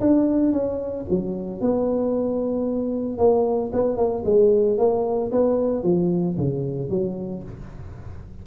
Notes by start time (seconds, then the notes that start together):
0.00 D4
0.52 C#4
1.10 F#3
1.60 B3
3.18 A#3
3.72 B3
3.97 A#3
4.25 G#3
4.78 A#3
5.31 B3
5.83 F3
6.37 C#3
6.89 F#3